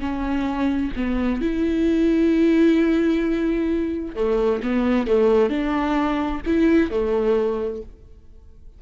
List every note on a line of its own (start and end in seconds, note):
0.00 0.92 C#4
0.96 1.41 B3
1.41 4.15 E4
4.15 4.61 A3
4.63 5.07 B3
5.07 5.49 A3
5.49 6.41 D4
6.46 6.90 E4
6.90 7.82 A3